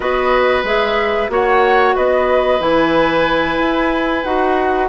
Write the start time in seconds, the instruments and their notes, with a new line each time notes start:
0.00 bassoon B3, clarinet F#4, oboe B4, flute D#5
0.63 bassoon G#3, clarinet G#4, flute E5
1.29 bassoon A#3, clarinet F#4, oboe C#5, flute F#5
1.95 bassoon B3, oboe B4, flute D#5
2.59 bassoon E3, clarinet E4, flute G#5
3.58 bassoon E4
4.23 bassoon D#4, clarinet F#4, flute F#5